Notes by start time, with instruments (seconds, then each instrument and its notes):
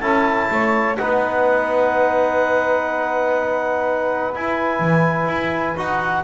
0.00 double bass C#4, trombone E4, saxophone A4, clarinet A5
0.50 double bass A3, saxophone C#5
0.97 double bass B3, trombone D#4, saxophone B4, clarinet F#5
4.34 trombone E4, double bass E4, clarinet G#5
4.79 double bass E3
5.27 double bass E4
5.77 double bass D#4, trombone F#4, clarinet F#5